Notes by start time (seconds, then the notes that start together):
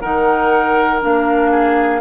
0.00 D#3 D#4 A#4 F#5
1.01 A#3 D4 F5
1.51 G#4